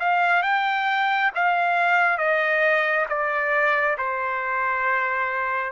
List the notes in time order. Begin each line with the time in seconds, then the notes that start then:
0.00 F5
0.43 G5
1.36 F5
2.18 D#5
3.09 D5
3.98 C5